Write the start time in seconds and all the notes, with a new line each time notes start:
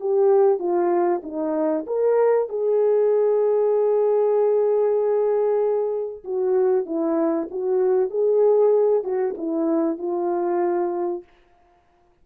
0.00 G4
0.59 F4
1.22 D#4
1.86 A#4
2.49 G#4
6.24 F#4
6.86 E4
7.50 F#4
8.10 G#4
9.03 F#4
9.37 E4
9.98 F4